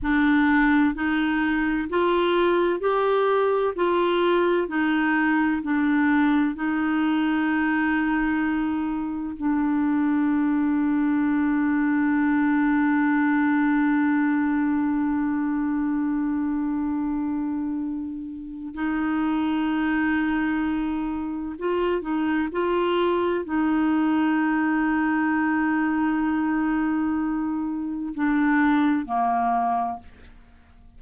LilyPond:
\new Staff \with { instrumentName = "clarinet" } { \time 4/4 \tempo 4 = 64 d'4 dis'4 f'4 g'4 | f'4 dis'4 d'4 dis'4~ | dis'2 d'2~ | d'1~ |
d'1 | dis'2. f'8 dis'8 | f'4 dis'2.~ | dis'2 d'4 ais4 | }